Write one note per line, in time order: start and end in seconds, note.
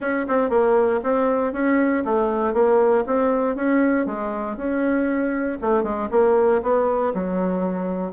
0.00 0.26 C#4
0.28 0.49 C4
0.49 1.00 A#3
1.03 1.53 C4
1.53 2.03 C#4
2.05 2.53 A3
2.53 3.04 A#3
3.06 3.55 C4
3.55 4.06 C#4
4.06 4.56 G#3
4.56 5.58 C#4
5.61 5.83 A3
5.83 6.08 G#3
6.11 6.61 A#3
6.62 7.13 B3
7.13 8.12 F#3